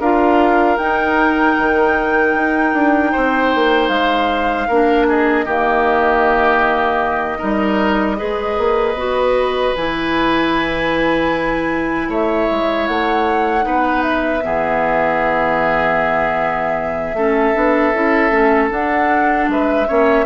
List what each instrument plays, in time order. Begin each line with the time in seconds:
0.00 bassoon D4, clarinet F4, oboe A#4, flute F5
0.78 clarinet D#4, bassoon D#4, flute G5
1.58 bassoon D#3
2.34 bassoon D#4
2.73 bassoon D4
3.12 bassoon C4, oboe C5
3.55 bassoon A#3
3.88 bassoon G#3, flute F5
4.68 bassoon A#3, clarinet D4, oboe A#4
5.08 oboe G#4, flute D#5
5.45 bassoon D#3, clarinet A#3, oboe G4
7.38 bassoon G3, clarinet D#4, oboe A#4
8.17 bassoon G#3, clarinet G#4, oboe B4
8.58 bassoon A#3
8.94 bassoon B3, clarinet F#4
9.75 bassoon E3, clarinet E4, flute G#5
12.08 bassoon A3, oboe C#5, flute E5
12.51 bassoon G#3
12.87 bassoon A3, flute F#5
13.62 bassoon B3, clarinet D#4, oboe B4
14.02 flute E5
14.43 bassoon E3, clarinet B3, oboe G#4
17.14 bassoon A3, clarinet C#4, oboe A4
17.54 bassoon B3, clarinet D4
17.93 bassoon C#4, clarinet E4
18.31 bassoon A3, clarinet C#4
18.70 clarinet D4, bassoon D4, flute F#5
19.48 bassoon G#3, oboe B4, flute E5
19.87 bassoon A#3, clarinet C#4, oboe C#5